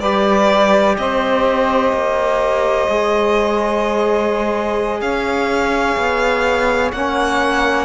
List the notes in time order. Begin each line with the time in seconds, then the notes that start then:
0.00 G3 G4 B4 D5
0.97 C4 C5 D#5
1.92 A#3
2.88 G#3 G#4
5.01 C#4 C#5 F5
5.96 B3
6.91 A#3 C#4 F#5